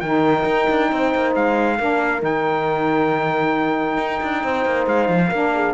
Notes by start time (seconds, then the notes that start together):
0.00 D#3 D#4 A#4 G5
0.46 D#4
0.70 D4
0.92 C4 C5
1.15 A#3
1.35 G#3 F5
1.78 A#3 D4 A#4
2.18 D#3 D#4 G5
3.98 D#4
4.23 D4
4.43 C4 C5
4.65 A#3
4.87 G#3 F5
5.09 F3
5.30 A#3 D4 A#4
5.55 G#4